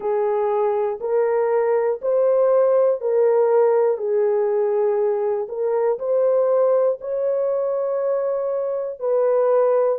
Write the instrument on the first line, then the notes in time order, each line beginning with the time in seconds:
horn
0.00 G#4
1.00 A#4
2.01 C5
3.00 A#4
3.97 G#4
5.48 A#4
5.99 C5
7.00 C#5
9.00 B4